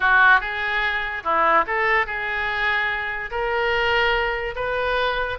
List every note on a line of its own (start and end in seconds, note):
0.00 0.40 F#4
0.40 1.23 G#4
1.23 1.64 E4
1.66 2.06 A4
2.06 3.30 G#4
3.30 4.54 A#4
4.55 5.38 B4